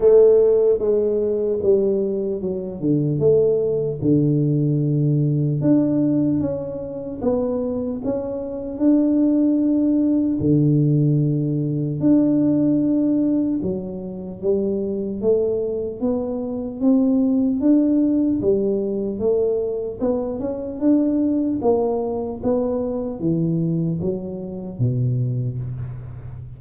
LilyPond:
\new Staff \with { instrumentName = "tuba" } { \time 4/4 \tempo 4 = 75 a4 gis4 g4 fis8 d8 | a4 d2 d'4 | cis'4 b4 cis'4 d'4~ | d'4 d2 d'4~ |
d'4 fis4 g4 a4 | b4 c'4 d'4 g4 | a4 b8 cis'8 d'4 ais4 | b4 e4 fis4 b,4 | }